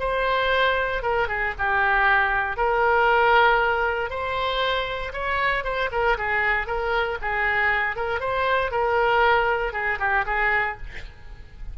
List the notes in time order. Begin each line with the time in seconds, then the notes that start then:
0.00 C5
1.03 A#4
1.28 G#4
1.59 G4
2.57 A#4
4.10 C5
5.14 C#5
5.64 C5
5.92 A#4
6.18 G#4
6.67 A#4
7.22 G#4
7.96 A#4
8.20 C5
8.72 A#4
9.73 G#4
10.00 G4
10.26 G#4